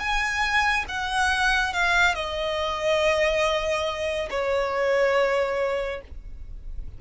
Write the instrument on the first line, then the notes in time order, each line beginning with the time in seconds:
violin
0.00 G#5
0.89 F#5
1.73 F5
2.15 D#5
4.30 C#5